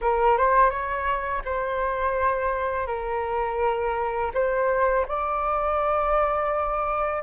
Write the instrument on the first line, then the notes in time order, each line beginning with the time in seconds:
flute
0.01 A#4
0.37 C5
0.69 C#5
1.45 C5
2.87 A#4
4.33 C5
5.07 D5